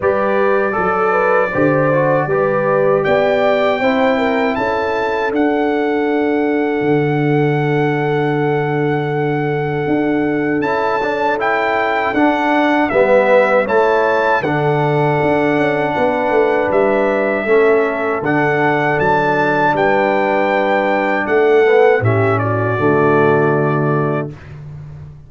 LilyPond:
<<
  \new Staff \with { instrumentName = "trumpet" } { \time 4/4 \tempo 4 = 79 d''1 | g''2 a''4 fis''4~ | fis''1~ | fis''2 a''4 g''4 |
fis''4 e''4 a''4 fis''4~ | fis''2 e''2 | fis''4 a''4 g''2 | fis''4 e''8 d''2~ d''8 | }
  \new Staff \with { instrumentName = "horn" } { \time 4/4 b'4 a'8 b'8 c''4 b'4 | d''4 c''8 ais'8 a'2~ | a'1~ | a'1~ |
a'4 b'4 cis''4 a'4~ | a'4 b'2 a'4~ | a'2 b'2 | a'4 g'8 fis'2~ fis'8 | }
  \new Staff \with { instrumentName = "trombone" } { \time 4/4 g'4 a'4 g'8 fis'8 g'4~ | g'4 e'2 d'4~ | d'1~ | d'2 e'8 d'8 e'4 |
d'4 b4 e'4 d'4~ | d'2. cis'4 | d'1~ | d'8 b8 cis'4 a2 | }
  \new Staff \with { instrumentName = "tuba" } { \time 4/4 g4 fis4 d4 g4 | b4 c'4 cis'4 d'4~ | d'4 d2.~ | d4 d'4 cis'2 |
d'4 g4 a4 d4 | d'8 cis'8 b8 a8 g4 a4 | d4 fis4 g2 | a4 a,4 d2 | }
>>